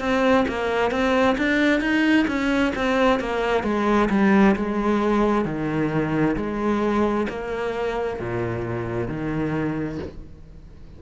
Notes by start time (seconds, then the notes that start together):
0.00 C4
0.48 A#3
0.91 C4
1.38 D4
1.81 D#4
2.27 C#4
2.75 C4
3.20 A#3
3.63 G#3
4.10 G3
4.56 G#3
5.45 D#3
6.36 G#3
7.29 A#3
8.19 A#2
9.07 D#3